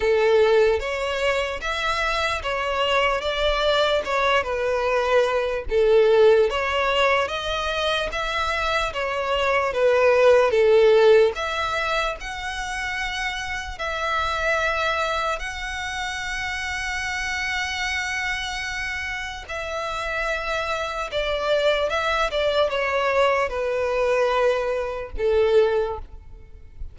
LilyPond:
\new Staff \with { instrumentName = "violin" } { \time 4/4 \tempo 4 = 74 a'4 cis''4 e''4 cis''4 | d''4 cis''8 b'4. a'4 | cis''4 dis''4 e''4 cis''4 | b'4 a'4 e''4 fis''4~ |
fis''4 e''2 fis''4~ | fis''1 | e''2 d''4 e''8 d''8 | cis''4 b'2 a'4 | }